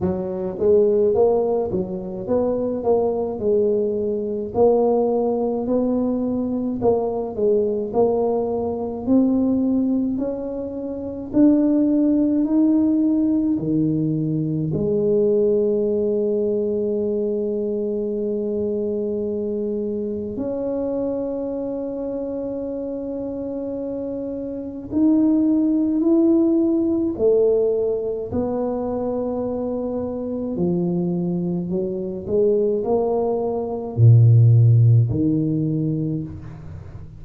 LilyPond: \new Staff \with { instrumentName = "tuba" } { \time 4/4 \tempo 4 = 53 fis8 gis8 ais8 fis8 b8 ais8 gis4 | ais4 b4 ais8 gis8 ais4 | c'4 cis'4 d'4 dis'4 | dis4 gis2.~ |
gis2 cis'2~ | cis'2 dis'4 e'4 | a4 b2 f4 | fis8 gis8 ais4 ais,4 dis4 | }